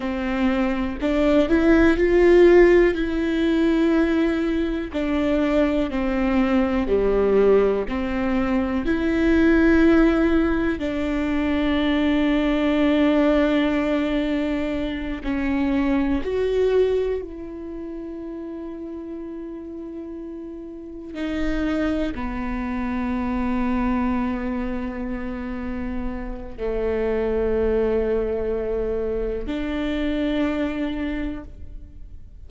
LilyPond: \new Staff \with { instrumentName = "viola" } { \time 4/4 \tempo 4 = 61 c'4 d'8 e'8 f'4 e'4~ | e'4 d'4 c'4 g4 | c'4 e'2 d'4~ | d'2.~ d'8 cis'8~ |
cis'8 fis'4 e'2~ e'8~ | e'4. dis'4 b4.~ | b2. a4~ | a2 d'2 | }